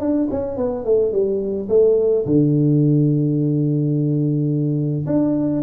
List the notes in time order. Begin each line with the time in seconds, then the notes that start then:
0.00 D4
0.31 C#4
0.57 B3
0.85 A3
1.12 G3
1.69 A3
2.26 D3
5.07 D4